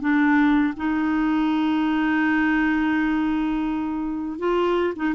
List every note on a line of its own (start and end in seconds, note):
0.00 0.73 D4
0.76 4.38 D#4
4.38 4.93 F4
4.96 5.14 D#4